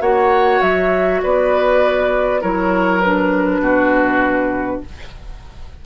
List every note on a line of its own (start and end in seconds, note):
0.00 0.60 A#3
0.00 2.40 F#4
0.00 1.21 C#5
0.00 0.61 F#5
0.61 1.21 F#3
0.61 1.21 E5
1.22 2.43 B3
1.22 2.41 B4
1.22 2.42 D5
2.40 3.59 F#3
2.40 3.00 E4
2.40 3.61 A#4
2.40 3.00 C#5
3.00 4.85 D4
3.00 4.80 B4
3.59 4.79 B2
3.59 4.82 F#4